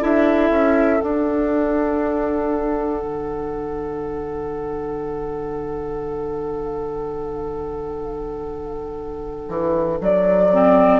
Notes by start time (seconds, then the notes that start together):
0.00 D4 E4 A4 E5
0.50 C#4
1.00 D4 F#5
3.03 D3
9.49 E3
10.01 F#3 D5
10.53 C4